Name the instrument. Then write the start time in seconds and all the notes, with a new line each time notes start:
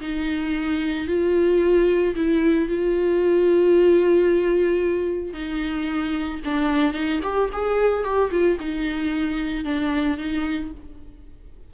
viola
0.00 D#4
1.07 F4
2.15 E4
2.68 F4
5.33 D#4
6.45 D4
6.93 D#4
7.23 G4
7.52 G#4
8.04 G4
8.31 F4
8.59 D#4
9.64 D4
10.17 D#4